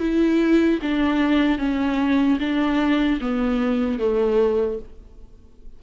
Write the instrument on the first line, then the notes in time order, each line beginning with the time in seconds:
viola
0.00 E4
0.83 D4
1.59 C#4
2.40 D4
3.21 B3
3.99 A3